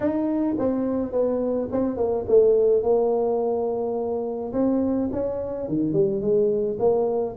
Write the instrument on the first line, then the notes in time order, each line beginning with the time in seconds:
tuba
0.00 D#4
0.58 C4
1.11 B3
1.71 C4
1.96 A#3
2.28 A3
2.82 A#3
4.52 C4
5.11 C#4
5.68 D#3
5.93 G3
6.21 G#3
6.79 A#3